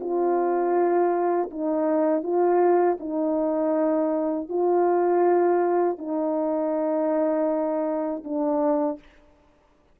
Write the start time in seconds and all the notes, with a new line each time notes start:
0.00 F4
1.51 D#4
2.23 F4
3.00 D#4
4.49 F4
5.98 D#4
8.24 D4